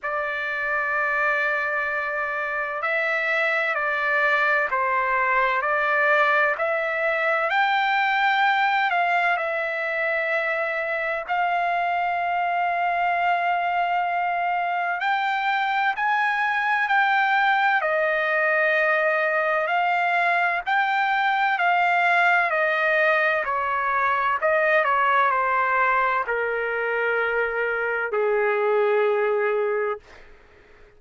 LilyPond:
\new Staff \with { instrumentName = "trumpet" } { \time 4/4 \tempo 4 = 64 d''2. e''4 | d''4 c''4 d''4 e''4 | g''4. f''8 e''2 | f''1 |
g''4 gis''4 g''4 dis''4~ | dis''4 f''4 g''4 f''4 | dis''4 cis''4 dis''8 cis''8 c''4 | ais'2 gis'2 | }